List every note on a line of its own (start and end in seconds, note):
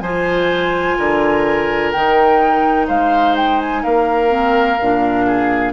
0.00 0.96 F3
0.00 1.95 F4
0.00 0.98 C5
0.00 1.90 G#5
0.98 1.94 D3
0.98 2.87 A#4
1.91 2.89 D#3
1.91 4.29 D#4
1.91 2.87 G5
2.87 3.84 G#3
2.87 3.82 C5
2.87 3.36 F5
3.36 3.60 G5
3.60 3.84 G#5
3.83 4.80 A#3
3.83 5.26 A#4
3.83 5.73 F5
4.29 4.77 C4
4.81 5.73 A#2
4.81 5.73 D4
5.26 5.73 G#4